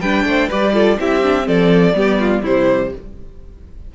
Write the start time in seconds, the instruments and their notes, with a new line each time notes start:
0.00 cello G3, viola D4, violin B4 G5
0.24 cello A3, violin C5
0.48 cello G3, viola G4, violin B4 D5
0.73 viola F4, violin A4
0.98 cello C4, viola E4, violin G4 E5
1.23 viola D4
1.43 cello F3, viola C4, violin A4 D5
1.93 cello G3, viola B3, violin G4
2.20 violin F4
2.42 cello C3, viola G3, violin E4 C5